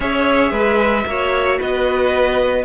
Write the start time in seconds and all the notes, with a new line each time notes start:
0.00 C#4 G#4 C#5 E5
0.51 G#3 B4
1.06 A#3 F#4 C#5
1.58 B3 B4 D#5